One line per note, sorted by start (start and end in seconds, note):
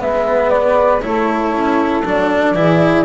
0.00 1.04 G#3
0.00 1.02 B3
0.00 1.04 B4
0.00 0.50 E5
0.50 1.01 D5
1.02 1.53 A3
1.02 2.03 E4
1.02 2.57 A4
1.02 2.04 C#5
1.53 2.04 C#4
2.05 2.55 F#3
2.05 2.55 D4
2.05 3.06 D5
2.55 3.06 E3
2.55 3.06 E4
2.55 3.06 G#4